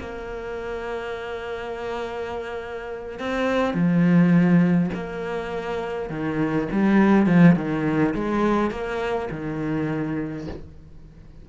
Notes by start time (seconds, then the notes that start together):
0.00 A#3
3.20 C4
3.74 F3
4.95 A#3
6.10 D#3
6.73 G3
7.27 F3
7.56 D#3
8.15 G#3
8.71 A#3
9.32 D#3